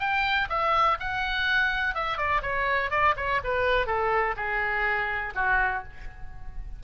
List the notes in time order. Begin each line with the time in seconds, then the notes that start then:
0.00 G5
0.50 E5
1.00 F#5
1.95 E5
2.18 D5
2.42 C#5
2.91 D5
3.17 C#5
3.44 B4
3.87 A4
4.37 G#4
5.36 F#4